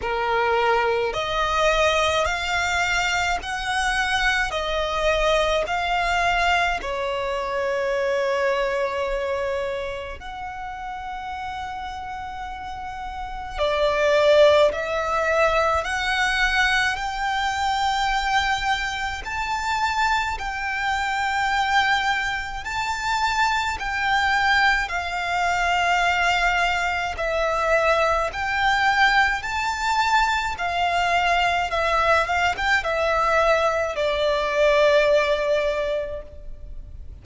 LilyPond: \new Staff \with { instrumentName = "violin" } { \time 4/4 \tempo 4 = 53 ais'4 dis''4 f''4 fis''4 | dis''4 f''4 cis''2~ | cis''4 fis''2. | d''4 e''4 fis''4 g''4~ |
g''4 a''4 g''2 | a''4 g''4 f''2 | e''4 g''4 a''4 f''4 | e''8 f''16 g''16 e''4 d''2 | }